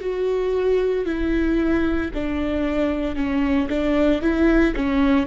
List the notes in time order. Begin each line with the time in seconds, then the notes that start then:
0.00 F#4
1.05 E4
2.14 D4
3.16 C#4
3.69 D4
4.22 E4
4.76 C#4